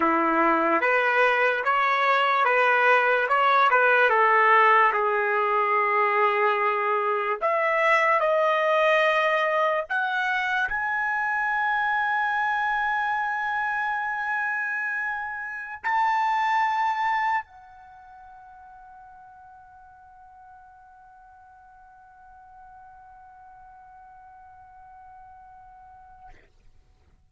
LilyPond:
\new Staff \with { instrumentName = "trumpet" } { \time 4/4 \tempo 4 = 73 e'4 b'4 cis''4 b'4 | cis''8 b'8 a'4 gis'2~ | gis'4 e''4 dis''2 | fis''4 gis''2.~ |
gis''2.~ gis''16 a''8.~ | a''4~ a''16 fis''2~ fis''8.~ | fis''1~ | fis''1 | }